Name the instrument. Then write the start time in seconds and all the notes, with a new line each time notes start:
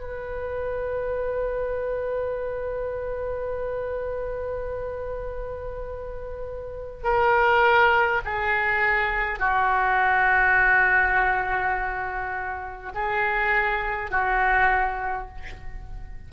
oboe
0.00 B4
7.04 A#4
8.25 G#4
9.40 F#4
12.95 G#4
14.11 F#4